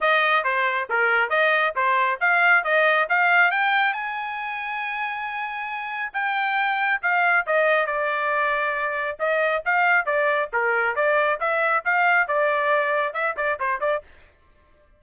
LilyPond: \new Staff \with { instrumentName = "trumpet" } { \time 4/4 \tempo 4 = 137 dis''4 c''4 ais'4 dis''4 | c''4 f''4 dis''4 f''4 | g''4 gis''2.~ | gis''2 g''2 |
f''4 dis''4 d''2~ | d''4 dis''4 f''4 d''4 | ais'4 d''4 e''4 f''4 | d''2 e''8 d''8 c''8 d''8 | }